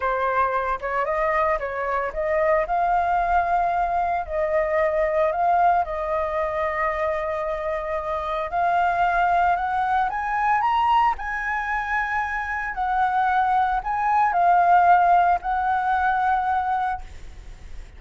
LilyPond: \new Staff \with { instrumentName = "flute" } { \time 4/4 \tempo 4 = 113 c''4. cis''8 dis''4 cis''4 | dis''4 f''2. | dis''2 f''4 dis''4~ | dis''1 |
f''2 fis''4 gis''4 | ais''4 gis''2. | fis''2 gis''4 f''4~ | f''4 fis''2. | }